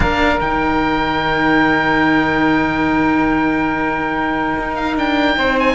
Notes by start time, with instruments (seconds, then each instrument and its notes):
0.00 cello A#3 D4, saxophone A#4, oboe F5
0.40 cello D#3 D#4, oboe G5
4.58 cello D#4
4.75 oboe F5
4.95 cello D4, oboe G5
5.36 cello C4, saxophone C5
5.59 oboe G#5